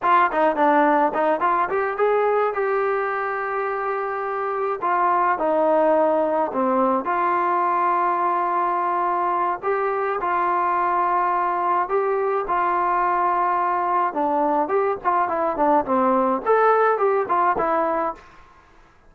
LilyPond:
\new Staff \with { instrumentName = "trombone" } { \time 4/4 \tempo 4 = 106 f'8 dis'8 d'4 dis'8 f'8 g'8 gis'8~ | gis'8 g'2.~ g'8~ | g'8 f'4 dis'2 c'8~ | c'8 f'2.~ f'8~ |
f'4 g'4 f'2~ | f'4 g'4 f'2~ | f'4 d'4 g'8 f'8 e'8 d'8 | c'4 a'4 g'8 f'8 e'4 | }